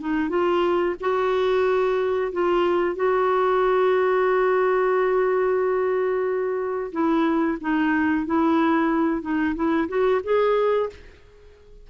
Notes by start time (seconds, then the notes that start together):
0.00 D#4
0.29 F4
1.00 F#4
2.32 F4
2.95 F#4
6.92 E4
7.60 D#4
8.26 E4
9.21 D#4
9.55 E4
9.88 F#4
10.23 G#4